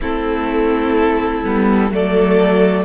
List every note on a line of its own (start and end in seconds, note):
0.01 1.43 A3
0.01 1.44 C4
0.01 1.91 E4
0.01 1.92 A4
1.44 1.90 G3
1.44 1.91 B3
1.90 2.84 F#3
1.90 2.84 A3
1.90 2.84 A4
1.90 2.84 D5